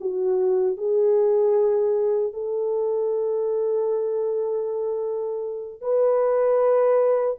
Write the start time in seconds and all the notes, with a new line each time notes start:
0.00 F#4
0.77 G#4
2.33 A4
5.81 B4